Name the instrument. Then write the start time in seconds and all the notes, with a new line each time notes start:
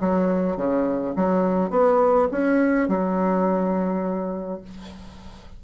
bassoon
0.00 F#3
0.57 C#3
1.16 F#3
1.70 B3
2.31 C#4
2.88 F#3